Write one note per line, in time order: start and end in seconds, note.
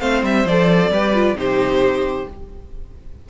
0.00 0.23 A3
0.00 0.46 C4
0.00 0.91 C5
0.00 0.23 F5
0.23 0.45 G3
0.23 0.47 E5
0.45 0.90 F3
0.45 0.93 A4
0.45 1.38 D5
0.91 1.34 G3
0.91 1.15 G4
0.91 1.37 B4
1.15 1.36 F4
1.34 2.25 C3
1.34 2.27 D#4
1.34 2.29 G4
1.34 2.30 C5